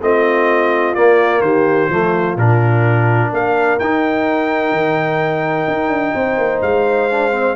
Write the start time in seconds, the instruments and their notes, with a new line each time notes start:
0.00 tuba A3, trombone C4, horn F4, trumpet D#5
0.94 trombone A#3, tuba A#3, trumpet D5
1.41 tuba D#3, horn G4, trumpet C5
1.89 tuba F3, trombone A3, horn F4
2.36 tuba A#2, trombone D4, trumpet A#4
3.31 tuba A#3, horn A#4, trumpet F5
3.79 tuba D#4, trombone D#4, trumpet G5
4.71 tuba D#3
5.67 tuba D#4
5.88 tuba D4
6.14 tuba C4, horn C5
6.37 tuba A#3
6.62 tuba G#3, trumpet F5
7.10 trombone D4
7.31 trombone C4